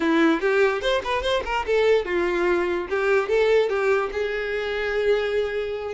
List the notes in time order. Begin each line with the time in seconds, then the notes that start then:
0.00 E4
0.40 G4
0.81 C5
1.04 B4
1.22 C5
1.45 A#4
1.66 A4
2.05 F4
2.89 G4
3.28 A4
3.69 G4
4.12 G#4